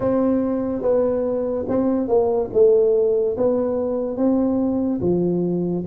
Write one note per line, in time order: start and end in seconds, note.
0.00 0.81 C4
0.81 1.65 B3
1.68 2.08 C4
2.08 2.49 A#3
2.53 3.36 A3
3.37 4.17 B3
4.17 5.00 C4
5.00 5.84 F3